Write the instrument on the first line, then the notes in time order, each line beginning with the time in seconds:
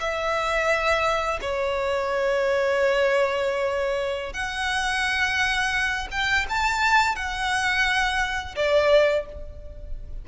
violin
0.00 E5
1.41 C#5
4.33 F#5
6.11 G5
6.49 A5
7.15 F#5
8.56 D5